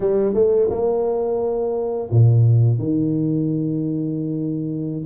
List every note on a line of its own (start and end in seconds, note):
0.00 0.34 G3
0.34 0.68 A3
0.70 2.09 A#3
2.10 2.78 A#2
2.78 5.05 D#3